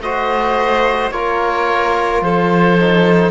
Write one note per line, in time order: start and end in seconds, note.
0.00 1.11 A3
0.00 1.13 F#4
0.00 1.13 C5
0.00 1.11 D#5
1.11 2.22 A#3
1.11 2.79 F4
1.11 2.24 A#4
1.11 2.22 C#5
2.22 3.31 F3
2.22 3.31 A4
2.22 3.31 C5
2.79 3.31 D#4